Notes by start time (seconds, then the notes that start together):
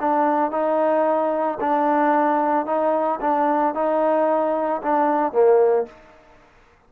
0.00 D4
0.51 D#4
1.60 D4
2.66 D#4
3.21 D4
3.75 D#4
4.82 D4
5.33 A#3